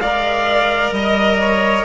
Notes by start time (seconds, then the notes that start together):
0.00 G#3 A#4 D5 F5
0.92 G3 D#5
1.41 C#5